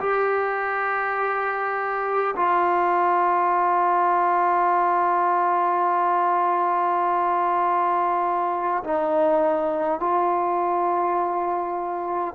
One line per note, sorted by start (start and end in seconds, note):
0.00 2.35 G4
2.36 8.83 F4
8.84 10.00 D#4
10.00 12.35 F4